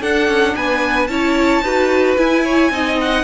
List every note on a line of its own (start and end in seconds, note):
0.00 1.08 D4
0.00 0.28 D4
0.00 0.54 A4
0.00 0.55 F#5
0.28 0.55 C#4
0.55 1.08 B3
0.55 1.10 B4
0.55 1.07 G#5
1.07 1.62 C#4
1.07 1.63 E4
1.07 1.63 C#5
1.07 2.15 A5
1.62 2.16 D#4
1.62 2.17 F#4
1.62 2.44 B4
2.17 2.71 E4
2.17 2.70 E4
2.17 2.98 G#5
2.44 2.71 C#5
2.70 3.24 C4
2.70 3.24 D#4
2.70 3.24 D#5
3.01 3.24 F#5